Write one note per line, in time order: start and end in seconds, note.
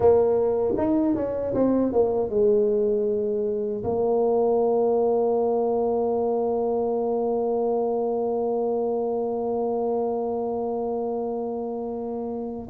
0.00 0.74 A#3
0.77 1.15 D#4
1.15 1.53 C#4
1.54 1.92 C4
1.92 2.29 A#3
2.29 3.83 G#3
3.83 12.68 A#3